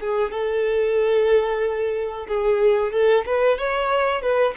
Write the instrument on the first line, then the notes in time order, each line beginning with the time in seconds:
violin
0.00 G#4
0.32 A4
2.28 G#4
2.93 A4
3.26 B4
3.58 C#5
4.22 B4